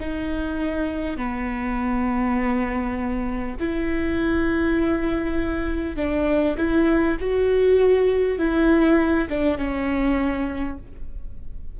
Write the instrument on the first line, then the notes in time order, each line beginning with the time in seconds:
viola
0.00 D#4
1.17 B3
3.59 E4
5.96 D4
6.57 E4
7.20 F#4
8.38 E4
9.29 D4
9.58 C#4